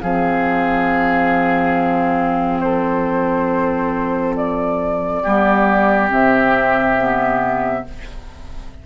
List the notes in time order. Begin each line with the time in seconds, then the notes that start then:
0.00 F3 C4 G#4 F5
2.60 A4 C5
4.36 D5
5.23 G3 B3 G4
6.09 C3 C4 E5
6.98 B3